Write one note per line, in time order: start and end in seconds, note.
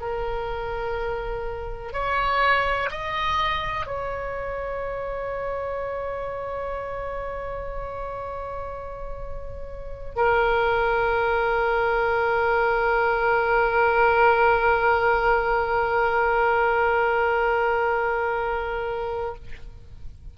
0.00 1.93 A#4
1.93 2.90 C#5
2.91 3.87 D#5
3.87 10.16 C#5
10.16 19.35 A#4